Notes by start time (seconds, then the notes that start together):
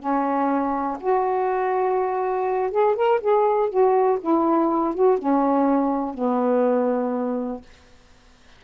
0.00 C#4
1.01 F#4
2.72 G#4
2.96 A#4
3.21 G#4
3.70 F#4
4.21 E4
4.95 F#4
5.19 C#4
6.15 B3